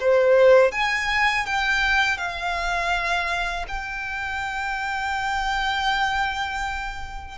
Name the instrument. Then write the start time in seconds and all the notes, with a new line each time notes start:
violin
0.00 C5
0.72 G#5
1.46 G5
2.18 F5
3.68 G5